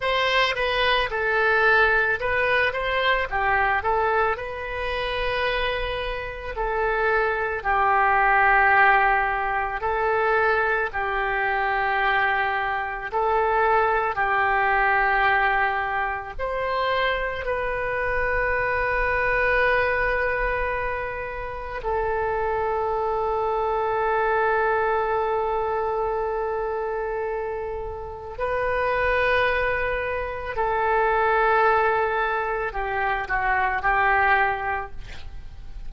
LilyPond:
\new Staff \with { instrumentName = "oboe" } { \time 4/4 \tempo 4 = 55 c''8 b'8 a'4 b'8 c''8 g'8 a'8 | b'2 a'4 g'4~ | g'4 a'4 g'2 | a'4 g'2 c''4 |
b'1 | a'1~ | a'2 b'2 | a'2 g'8 fis'8 g'4 | }